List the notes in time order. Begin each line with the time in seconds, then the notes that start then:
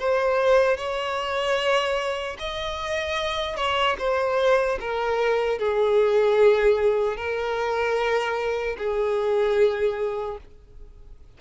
0.00 C5
0.77 C#5
2.39 D#5
3.57 C#5
3.99 C5
4.81 A#4
5.59 G#4
7.17 A#4
8.78 G#4